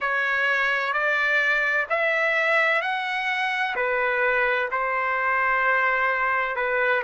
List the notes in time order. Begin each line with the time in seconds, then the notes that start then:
0.00 C#5
0.93 D5
1.89 E5
2.81 F#5
3.75 B4
4.71 C5
6.55 B4